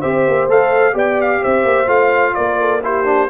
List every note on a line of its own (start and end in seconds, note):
0.00 0.27 C4
0.00 0.49 G4
0.00 0.94 C5
0.00 0.47 E5
0.27 0.48 A#3
0.48 0.94 A3
0.48 0.93 A4
0.48 0.97 F5
0.93 1.41 B3
0.93 1.86 G4
0.93 1.41 D5
0.93 1.21 G5
1.21 1.43 F5
1.41 1.64 C4
1.41 2.35 C5
1.41 1.89 E5
1.64 1.88 A#3
1.86 2.34 A3
1.86 2.80 F4
1.86 2.34 F5
2.34 3.30 A#3
2.34 2.60 A#4
2.34 2.81 D5
2.60 2.83 A4
2.83 3.04 E4
2.83 3.30 G4
2.83 3.30 C5
3.04 3.28 D4